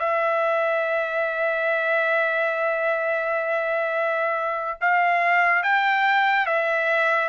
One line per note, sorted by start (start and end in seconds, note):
0.00 4.79 E5
4.81 5.63 F5
5.63 6.46 G5
6.46 7.29 E5